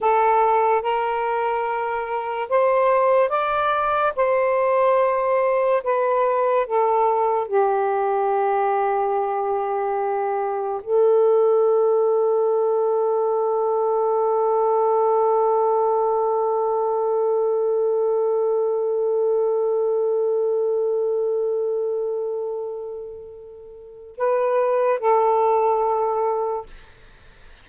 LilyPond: \new Staff \with { instrumentName = "saxophone" } { \time 4/4 \tempo 4 = 72 a'4 ais'2 c''4 | d''4 c''2 b'4 | a'4 g'2.~ | g'4 a'2.~ |
a'1~ | a'1~ | a'1~ | a'4 b'4 a'2 | }